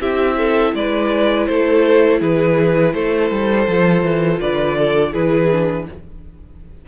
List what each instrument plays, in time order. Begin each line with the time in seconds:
0.00 cello C4, viola E4, violin G4 E5
0.37 violin A4
0.74 cello G#3, violin B4 D5
1.46 cello A3, violin A4 C5
2.20 cello E3, violin G#4 B4
2.93 cello A3, violin A4 C5
3.30 cello G3
3.67 cello F3, viola F4
4.02 cello E3
4.40 cello D3, violin B4 D5
4.79 violin A4
5.12 cello E3, viola E4, violin G#4 B4
5.51 viola D4